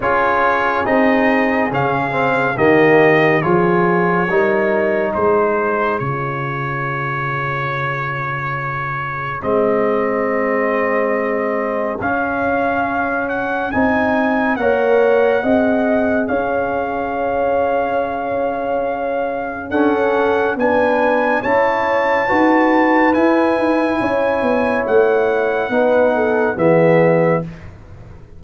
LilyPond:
<<
  \new Staff \with { instrumentName = "trumpet" } { \time 4/4 \tempo 4 = 70 cis''4 dis''4 f''4 dis''4 | cis''2 c''4 cis''4~ | cis''2. dis''4~ | dis''2 f''4. fis''8 |
gis''4 fis''2 f''4~ | f''2. fis''4 | gis''4 a''2 gis''4~ | gis''4 fis''2 e''4 | }
  \new Staff \with { instrumentName = "horn" } { \time 4/4 gis'2. g'4 | gis'4 ais'4 gis'2~ | gis'1~ | gis'1~ |
gis'4 cis''4 dis''4 cis''4~ | cis''2. a'4 | b'4 cis''4 b'2 | cis''2 b'8 a'8 gis'4 | }
  \new Staff \with { instrumentName = "trombone" } { \time 4/4 f'4 dis'4 cis'8 c'8 ais4 | f'4 dis'2 f'4~ | f'2. c'4~ | c'2 cis'2 |
dis'4 ais'4 gis'2~ | gis'2. cis'4 | d'4 e'4 fis'4 e'4~ | e'2 dis'4 b4 | }
  \new Staff \with { instrumentName = "tuba" } { \time 4/4 cis'4 c'4 cis4 dis4 | f4 g4 gis4 cis4~ | cis2. gis4~ | gis2 cis'2 |
c'4 ais4 c'4 cis'4~ | cis'2. d'16 cis'8. | b4 cis'4 dis'4 e'8 dis'8 | cis'8 b8 a4 b4 e4 | }
>>